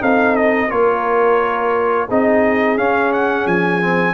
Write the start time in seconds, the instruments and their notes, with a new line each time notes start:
0.00 tuba C4, trombone D#4, horn A4, trumpet F5
0.36 trumpet D#5
0.70 tuba A#3, trombone F4, horn A#4, trumpet C#5
2.08 tuba C4, trombone D#4, horn G#4, trumpet D#5
2.78 tuba C#4, trombone C#4, trumpet F5
3.13 trumpet F#5
3.47 tuba F3, trumpet G#5
3.81 trombone C4